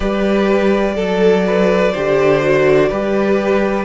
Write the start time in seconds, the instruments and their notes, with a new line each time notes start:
0.00 cello G3, viola G4, violin B4 D5
0.95 cello F#3, violin A4, viola A4
1.47 violin B4
1.92 cello D3, viola G4, violin C5
2.41 viola F#4
2.89 cello G3, viola G4, violin B4